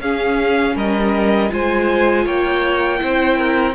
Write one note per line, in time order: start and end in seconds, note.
0.00 0.75 C#4
0.00 1.50 C#4
0.00 0.76 G#4
0.00 0.77 F5
0.76 1.51 G3
0.76 1.51 A#4
0.76 1.53 D#5
1.50 2.26 G#3
1.50 2.98 F4
1.50 2.25 C5
1.50 2.27 G#5
2.25 3.01 A#3
2.25 3.00 C#5
2.25 3.75 G5
2.98 3.75 C4
2.98 3.73 E4
2.98 3.38 C5
3.38 3.75 A#4